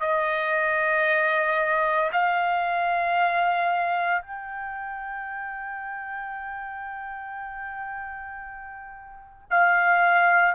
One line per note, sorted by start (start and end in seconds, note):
0.00 2.11 D#5
2.12 4.22 F5
4.22 9.48 G5
9.50 10.54 F5